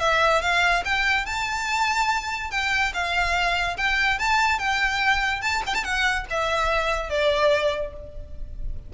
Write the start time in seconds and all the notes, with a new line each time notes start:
0.00 E5
0.42 F5
0.85 G5
1.26 A5
2.51 G5
2.94 F5
3.77 G5
4.19 A5
4.59 G5
5.42 A5
5.66 G5
5.75 A5
5.84 F#5
6.30 E5
7.10 D5